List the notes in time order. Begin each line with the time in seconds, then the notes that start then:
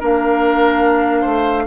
0.00 A#3 D4 A#4 F5
1.21 A3 C5